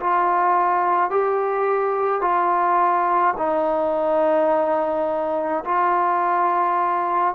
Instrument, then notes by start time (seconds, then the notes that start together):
trombone
0.00 F4
1.10 G4
2.21 F4
3.38 D#4
5.64 F4